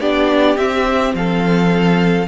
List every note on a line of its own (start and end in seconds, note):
0.00 0.57 B3
0.00 0.58 D4
0.00 1.13 G4
0.00 0.58 D5
0.58 2.27 C4
0.58 1.14 C4
0.58 1.14 E5
1.14 2.27 F3
1.14 2.28 A4
1.14 2.28 F5